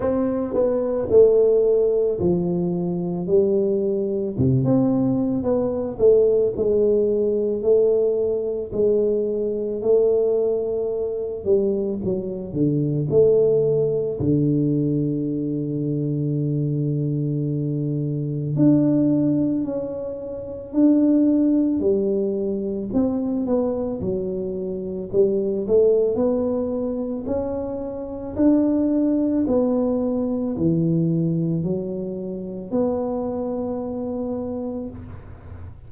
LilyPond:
\new Staff \with { instrumentName = "tuba" } { \time 4/4 \tempo 4 = 55 c'8 b8 a4 f4 g4 | c16 c'8. b8 a8 gis4 a4 | gis4 a4. g8 fis8 d8 | a4 d2.~ |
d4 d'4 cis'4 d'4 | g4 c'8 b8 fis4 g8 a8 | b4 cis'4 d'4 b4 | e4 fis4 b2 | }